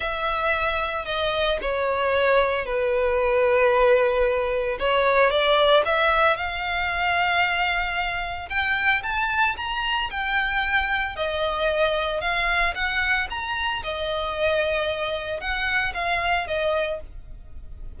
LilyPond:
\new Staff \with { instrumentName = "violin" } { \time 4/4 \tempo 4 = 113 e''2 dis''4 cis''4~ | cis''4 b'2.~ | b'4 cis''4 d''4 e''4 | f''1 |
g''4 a''4 ais''4 g''4~ | g''4 dis''2 f''4 | fis''4 ais''4 dis''2~ | dis''4 fis''4 f''4 dis''4 | }